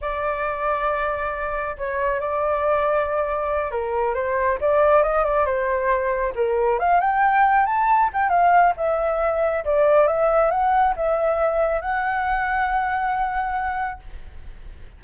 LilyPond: \new Staff \with { instrumentName = "flute" } { \time 4/4 \tempo 4 = 137 d''1 | cis''4 d''2.~ | d''8 ais'4 c''4 d''4 dis''8 | d''8 c''2 ais'4 f''8 |
g''4. a''4 g''8 f''4 | e''2 d''4 e''4 | fis''4 e''2 fis''4~ | fis''1 | }